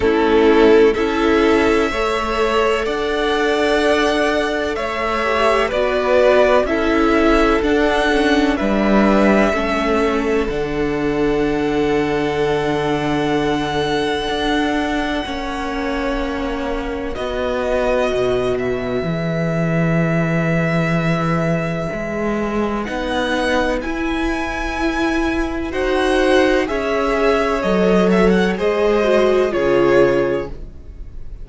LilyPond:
<<
  \new Staff \with { instrumentName = "violin" } { \time 4/4 \tempo 4 = 63 a'4 e''2 fis''4~ | fis''4 e''4 d''4 e''4 | fis''4 e''2 fis''4~ | fis''1~ |
fis''2 dis''4. e''8~ | e''1 | fis''4 gis''2 fis''4 | e''4 dis''8 e''16 fis''16 dis''4 cis''4 | }
  \new Staff \with { instrumentName = "violin" } { \time 4/4 e'4 a'4 cis''4 d''4~ | d''4 cis''4 b'4 a'4~ | a'4 b'4 a'2~ | a'1 |
cis''2 b'2~ | b'1~ | b'2. c''4 | cis''2 c''4 gis'4 | }
  \new Staff \with { instrumentName = "viola" } { \time 4/4 cis'4 e'4 a'2~ | a'4. g'8 fis'4 e'4 | d'8 cis'8 d'4 cis'4 d'4~ | d'1 |
cis'2 fis'2 | gis'1 | dis'4 e'2 fis'4 | gis'4 a'4 gis'8 fis'8 f'4 | }
  \new Staff \with { instrumentName = "cello" } { \time 4/4 a4 cis'4 a4 d'4~ | d'4 a4 b4 cis'4 | d'4 g4 a4 d4~ | d2. d'4 |
ais2 b4 b,4 | e2. gis4 | b4 e'2 dis'4 | cis'4 fis4 gis4 cis4 | }
>>